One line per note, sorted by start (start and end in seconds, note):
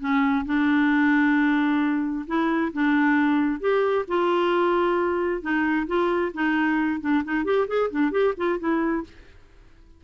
0.00 0.45 C#4
0.45 2.26 D4
2.27 2.72 E4
2.73 3.60 D4
3.60 4.05 G4
4.08 5.42 F4
5.42 5.87 D#4
5.87 6.32 F4
6.34 7.01 D#4
7.01 7.23 D4
7.24 7.45 D#4
7.45 7.67 G4
7.68 7.90 G#4
7.90 8.11 D4
8.11 8.34 G4
8.37 8.59 F4
8.59 9.04 E4